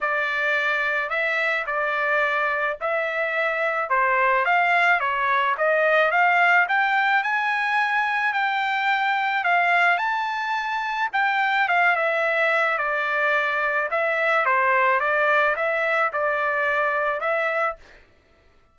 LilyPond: \new Staff \with { instrumentName = "trumpet" } { \time 4/4 \tempo 4 = 108 d''2 e''4 d''4~ | d''4 e''2 c''4 | f''4 cis''4 dis''4 f''4 | g''4 gis''2 g''4~ |
g''4 f''4 a''2 | g''4 f''8 e''4. d''4~ | d''4 e''4 c''4 d''4 | e''4 d''2 e''4 | }